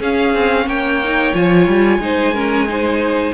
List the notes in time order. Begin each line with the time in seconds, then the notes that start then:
0.00 C#4 G#4 F5
0.34 C4
0.67 A#3 C#5 G5
1.04 D#4
1.34 F3 F4 G#5
1.68 G3
1.99 G#3 D#4 C5
2.34 C#4 A#4
2.69 D#4 C5